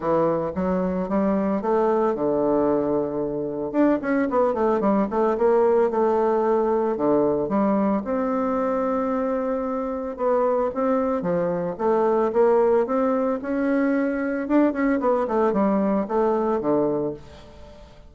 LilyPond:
\new Staff \with { instrumentName = "bassoon" } { \time 4/4 \tempo 4 = 112 e4 fis4 g4 a4 | d2. d'8 cis'8 | b8 a8 g8 a8 ais4 a4~ | a4 d4 g4 c'4~ |
c'2. b4 | c'4 f4 a4 ais4 | c'4 cis'2 d'8 cis'8 | b8 a8 g4 a4 d4 | }